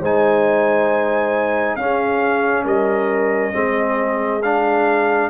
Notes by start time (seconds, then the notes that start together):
0.00 G#3 D#4 C5 G#5
1.76 C#4 G#4 F5
2.65 G3 A#4 D#5
3.53 G#3 C4 G#4
4.42 D4 F5